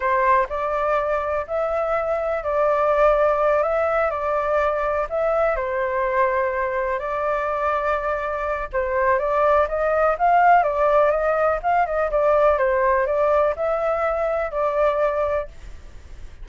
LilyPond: \new Staff \with { instrumentName = "flute" } { \time 4/4 \tempo 4 = 124 c''4 d''2 e''4~ | e''4 d''2~ d''8 e''8~ | e''8 d''2 e''4 c''8~ | c''2~ c''8 d''4.~ |
d''2 c''4 d''4 | dis''4 f''4 d''4 dis''4 | f''8 dis''8 d''4 c''4 d''4 | e''2 d''2 | }